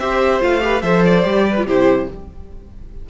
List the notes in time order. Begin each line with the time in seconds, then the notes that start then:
0.00 C4 G4 C5 E5
0.41 A3 F4 F5
0.61 G4 B4
0.82 F3 A4 C5 E5
1.05 D5
1.24 G3 G4
1.50 B4
1.58 F4
1.66 C3 E4 G4 C5